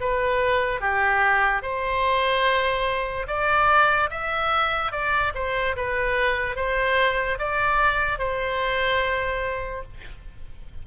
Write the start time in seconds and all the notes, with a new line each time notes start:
0.00 B4
0.80 G4
1.62 C5
3.27 D5
4.10 E5
4.91 D5
5.34 C5
5.76 B4
6.56 C5
7.39 D5
8.18 C5